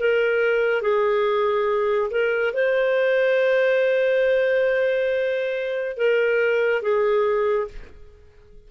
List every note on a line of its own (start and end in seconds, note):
0.00 0.82 A#4
0.82 2.11 G#4
2.11 2.54 A#4
2.54 5.97 C5
5.97 6.83 A#4
6.83 7.68 G#4